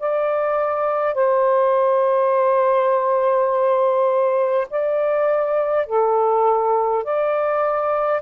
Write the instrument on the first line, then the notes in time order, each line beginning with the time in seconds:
saxophone
0.00 D5
1.14 C5
4.70 D5
5.87 A4
7.04 D5